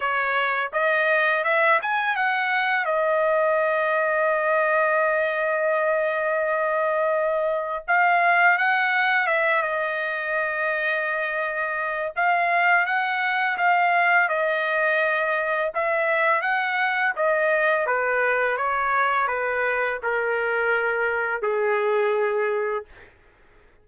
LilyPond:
\new Staff \with { instrumentName = "trumpet" } { \time 4/4 \tempo 4 = 84 cis''4 dis''4 e''8 gis''8 fis''4 | dis''1~ | dis''2. f''4 | fis''4 e''8 dis''2~ dis''8~ |
dis''4 f''4 fis''4 f''4 | dis''2 e''4 fis''4 | dis''4 b'4 cis''4 b'4 | ais'2 gis'2 | }